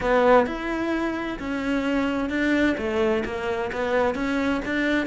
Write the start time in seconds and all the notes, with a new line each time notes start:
0.00 B3
0.46 E4
1.39 C#4
2.29 D4
2.77 A3
3.24 A#3
3.72 B3
4.15 C#4
4.65 D4